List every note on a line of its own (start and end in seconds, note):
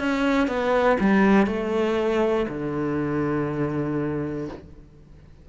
0.00 0.48 C#4
0.48 0.98 B3
1.00 1.46 G3
1.46 2.46 A3
2.49 4.49 D3